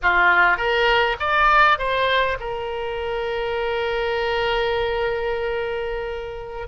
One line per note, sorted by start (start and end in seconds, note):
0.02 0.57 F4
0.57 1.16 A#4
1.19 1.78 D5
1.78 2.37 C5
2.40 6.67 A#4